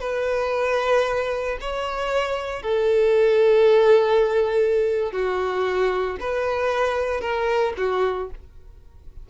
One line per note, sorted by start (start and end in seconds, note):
0.00 1.58 B4
1.61 2.62 C#5
2.62 5.12 A4
5.12 6.17 F#4
6.20 7.21 B4
7.21 7.73 A#4
7.77 8.30 F#4